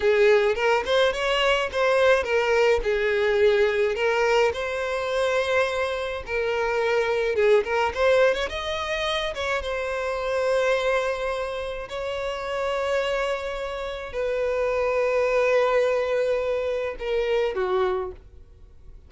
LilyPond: \new Staff \with { instrumentName = "violin" } { \time 4/4 \tempo 4 = 106 gis'4 ais'8 c''8 cis''4 c''4 | ais'4 gis'2 ais'4 | c''2. ais'4~ | ais'4 gis'8 ais'8 c''8. cis''16 dis''4~ |
dis''8 cis''8 c''2.~ | c''4 cis''2.~ | cis''4 b'2.~ | b'2 ais'4 fis'4 | }